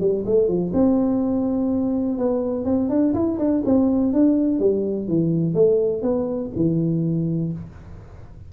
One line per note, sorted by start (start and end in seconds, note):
0.00 0.24 G3
0.26 0.48 A3
0.48 0.72 F3
0.73 2.18 C4
2.18 2.65 B3
2.65 2.89 C4
2.89 3.13 D4
3.14 3.38 E4
3.38 3.63 D4
3.65 4.13 C4
4.13 4.59 D4
4.59 5.08 G3
5.08 5.54 E3
5.54 6.02 A3
6.02 6.50 B3
6.56 7.53 E3